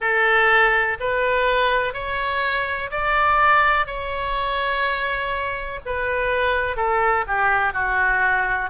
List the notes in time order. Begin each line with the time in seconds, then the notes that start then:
0.00 A4
1.00 B4
1.93 C#5
2.90 D5
3.86 C#5
5.85 B4
6.76 A4
7.27 G4
7.73 F#4